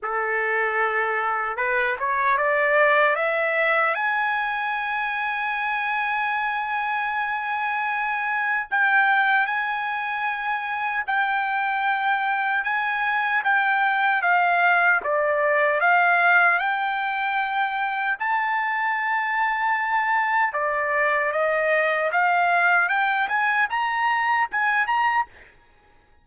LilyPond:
\new Staff \with { instrumentName = "trumpet" } { \time 4/4 \tempo 4 = 76 a'2 b'8 cis''8 d''4 | e''4 gis''2.~ | gis''2. g''4 | gis''2 g''2 |
gis''4 g''4 f''4 d''4 | f''4 g''2 a''4~ | a''2 d''4 dis''4 | f''4 g''8 gis''8 ais''4 gis''8 ais''8 | }